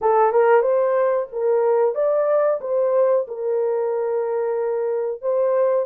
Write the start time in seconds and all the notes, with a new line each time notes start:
0.01 A4
0.32 A#4
0.61 C5
1.32 A#4
1.94 D5
2.61 C5
3.27 A#4
5.21 C5